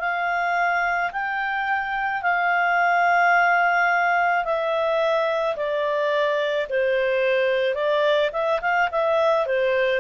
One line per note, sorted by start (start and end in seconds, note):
0.00 1.11 F5
1.12 2.23 G5
2.23 4.45 F5
4.45 5.56 E5
5.56 6.67 D5
6.70 7.75 C5
7.75 8.30 D5
8.33 8.61 E5
8.62 8.89 F5
8.91 9.46 E5
9.46 10.01 C5